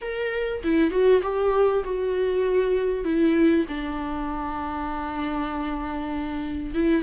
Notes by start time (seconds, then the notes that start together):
0.01 A#4
0.63 E4
0.90 F#4
1.22 G4
1.84 F#4
3.04 E4
3.68 D4
6.74 E4